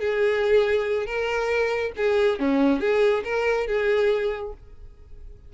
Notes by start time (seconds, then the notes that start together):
0.00 G#4
1.06 A#4
1.97 G#4
2.40 C#4
2.81 G#4
3.25 A#4
3.67 G#4